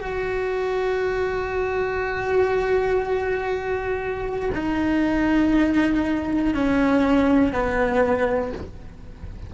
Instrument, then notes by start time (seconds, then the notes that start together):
cello
0.00 F#4
4.54 D#4
6.54 C#4
7.53 B3